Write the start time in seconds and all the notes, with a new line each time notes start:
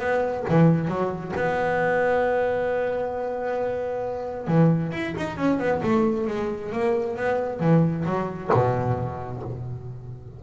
0.00 B3
0.49 E3
0.88 F#3
1.36 B3
4.48 E3
4.93 E4
5.17 D#4
5.38 C#4
5.59 B3
5.83 A3
6.28 G#3
6.73 A#3
7.17 B3
7.60 E3
8.06 F#3
8.54 B2